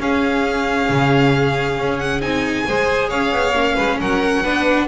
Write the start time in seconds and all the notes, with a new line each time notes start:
0.00 C#4 G#4 F5
0.90 C#3
1.79 C#4
1.99 F#5
2.21 C4 D#4 G#5
2.67 G#3 G#4 C5
3.09 C#4 C#5 F5
3.32 B3
3.53 A#3 C#4
3.76 G#3 B4
4.00 F#3 A#4 F#5
4.43 B3 D4 B4